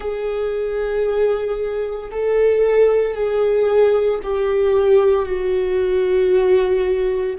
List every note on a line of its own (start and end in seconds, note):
0.00 2.10 G#4
2.11 3.14 A4
3.14 4.19 G#4
4.23 5.25 G4
5.25 7.36 F#4